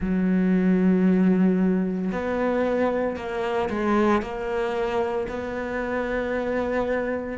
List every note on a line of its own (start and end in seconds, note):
0.00 2.11 F#3
2.11 3.16 B3
3.16 3.68 A#3
3.69 4.22 G#3
4.22 5.27 A#3
5.28 7.38 B3